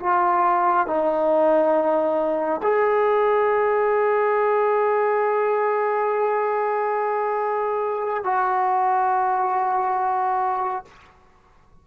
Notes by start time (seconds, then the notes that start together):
0.00 F4
0.87 D#4
2.62 G#4
8.24 F#4